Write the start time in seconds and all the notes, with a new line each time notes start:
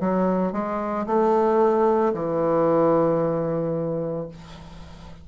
0.00 F#3
0.52 G#3
1.06 A3
2.13 E3